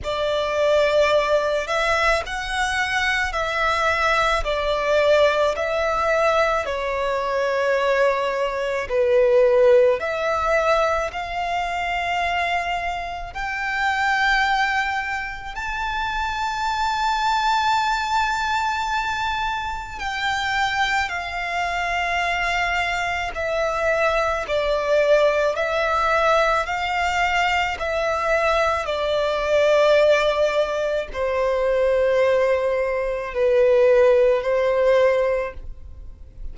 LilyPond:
\new Staff \with { instrumentName = "violin" } { \time 4/4 \tempo 4 = 54 d''4. e''8 fis''4 e''4 | d''4 e''4 cis''2 | b'4 e''4 f''2 | g''2 a''2~ |
a''2 g''4 f''4~ | f''4 e''4 d''4 e''4 | f''4 e''4 d''2 | c''2 b'4 c''4 | }